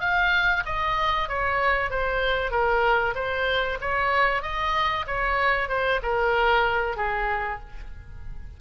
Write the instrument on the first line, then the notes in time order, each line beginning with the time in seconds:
oboe
0.00 F5
0.65 D#5
1.28 C#5
1.90 C5
2.51 A#4
3.15 C5
3.81 C#5
4.42 D#5
5.07 C#5
5.68 C5
6.02 A#4
6.96 G#4